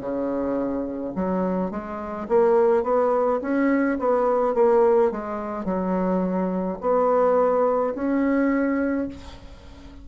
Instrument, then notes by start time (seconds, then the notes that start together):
bassoon
0.00 C#3
1.15 F#3
1.70 G#3
2.28 A#3
2.83 B3
3.41 C#4
3.99 B3
4.54 A#3
5.11 G#3
5.64 F#3
6.80 B3
7.95 C#4